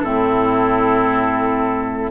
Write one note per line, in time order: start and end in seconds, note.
0.00 2.11 A2
0.00 2.11 C4
0.00 2.11 E4
0.00 2.11 A4